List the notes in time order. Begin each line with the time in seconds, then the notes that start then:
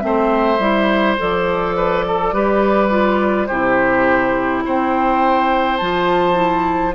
0.00 A3 C4 C5 E5
0.59 G3 E4
1.19 F3 A4 D5
1.76 B4
2.07 A4
2.33 G3 G4 B4
2.90 F4
3.47 C3 E4 G4 C5
4.65 C4 C5 G5
5.77 F3 F4 A5
6.34 E4